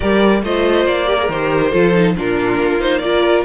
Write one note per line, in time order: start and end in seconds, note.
0.00 0.42 G3
0.00 0.43 G4
0.00 0.41 A#4
0.00 0.42 D5
0.42 0.85 A3
0.42 1.07 F4
0.42 1.08 C5
0.42 0.86 D#5
0.85 1.28 A#3
0.85 1.29 D5
1.07 1.17 G4
1.07 1.70 A#4
1.18 1.29 G#4
1.29 1.72 D#3
1.29 1.72 G4
1.29 2.16 C5
1.70 2.16 F3
1.70 1.93 F4
1.70 2.13 A4
1.93 2.15 D#4
2.16 2.59 A#2
2.16 2.79 D4
2.16 3.02 F4
2.16 2.80 A#4
2.59 3.44 A#3
2.79 3.01 D#4
2.79 2.98 C5
2.98 3.44 F4
2.98 3.44 A#4
2.98 3.41 D5